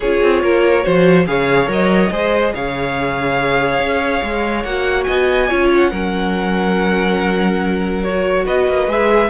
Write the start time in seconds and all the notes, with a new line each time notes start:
0.00 C#4 F4 G#4 C#5
0.22 C4
0.42 A#3 A#4
0.82 F3 F#4 C5
1.26 C#3 G#4 C#5 F5
1.67 F#3 A#4 D#5
2.10 G#3 G#4 C5
2.54 C#3 C#5 F5
3.79 C#4
4.23 G#3
4.63 A#3 F#4 F#5
5.03 B3 D#5 G#5
5.48 C#4 F4 C#5
5.74 F#5
5.90 F#3 C#4 A#4
8.03 F#4 C#5
8.45 B3 B4 D#5
8.68 A#3
8.87 G#3 G#4 E5